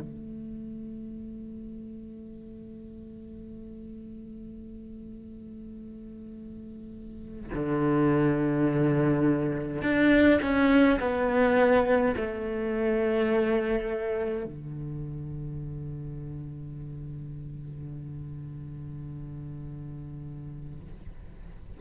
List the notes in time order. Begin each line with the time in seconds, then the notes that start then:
0.00 A3
7.54 D3
9.82 D4
10.42 C#4
10.99 B3
12.16 A3
14.45 D3